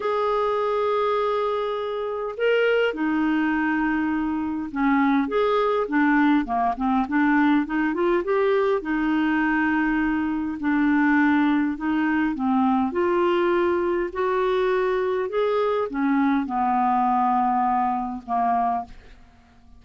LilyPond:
\new Staff \with { instrumentName = "clarinet" } { \time 4/4 \tempo 4 = 102 gis'1 | ais'4 dis'2. | cis'4 gis'4 d'4 ais8 c'8 | d'4 dis'8 f'8 g'4 dis'4~ |
dis'2 d'2 | dis'4 c'4 f'2 | fis'2 gis'4 cis'4 | b2. ais4 | }